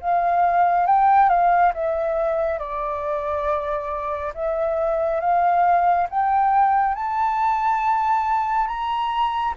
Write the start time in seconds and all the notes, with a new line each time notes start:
0.00 F5
0.86 G5
1.29 F5
1.74 E5
2.58 D5
4.34 E5
5.20 F5
6.09 G5
6.95 A5
8.67 A#5